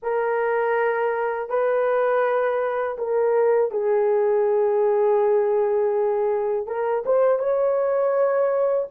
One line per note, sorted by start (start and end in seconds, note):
0.02 1.48 A#4
1.48 2.97 B4
2.98 3.71 A#4
3.71 6.67 G#4
6.67 7.04 A#4
7.05 7.39 C5
7.39 8.87 C#5